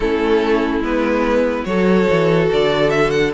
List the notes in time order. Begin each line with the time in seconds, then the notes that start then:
0.00 A3 C#4 E4 A4
0.79 G#3 B3 B4
1.64 F#3 F#4 A4 C#5
2.09 E3
2.52 D3 D5
2.90 E5
3.10 F#5